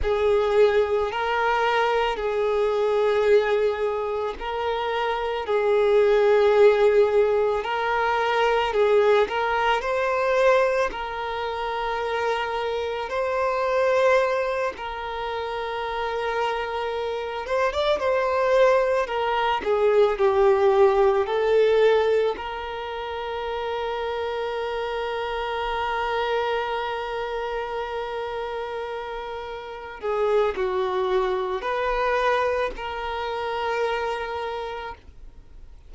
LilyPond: \new Staff \with { instrumentName = "violin" } { \time 4/4 \tempo 4 = 55 gis'4 ais'4 gis'2 | ais'4 gis'2 ais'4 | gis'8 ais'8 c''4 ais'2 | c''4. ais'2~ ais'8 |
c''16 d''16 c''4 ais'8 gis'8 g'4 a'8~ | a'8 ais'2.~ ais'8~ | ais'2.~ ais'8 gis'8 | fis'4 b'4 ais'2 | }